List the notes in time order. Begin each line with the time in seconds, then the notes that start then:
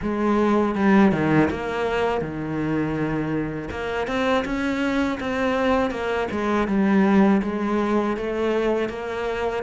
0.02 G#3
0.75 G3
1.11 D#3
1.50 A#3
2.21 D#3
3.70 A#3
4.07 C4
4.44 C#4
5.20 C4
5.90 A#3
6.31 G#3
6.67 G3
7.42 G#3
8.16 A3
8.89 A#3